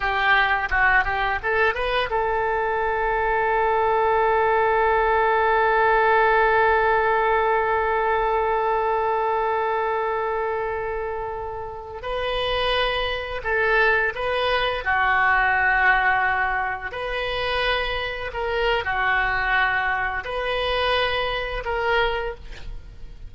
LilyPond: \new Staff \with { instrumentName = "oboe" } { \time 4/4 \tempo 4 = 86 g'4 fis'8 g'8 a'8 b'8 a'4~ | a'1~ | a'1~ | a'1~ |
a'4~ a'16 b'2 a'8.~ | a'16 b'4 fis'2~ fis'8.~ | fis'16 b'2 ais'8. fis'4~ | fis'4 b'2 ais'4 | }